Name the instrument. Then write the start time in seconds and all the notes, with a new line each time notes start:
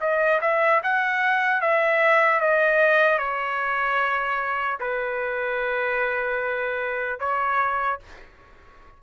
trumpet
0.00 D#5
0.41 E5
0.83 F#5
1.61 E5
2.40 D#5
3.18 C#5
4.80 B4
7.19 C#5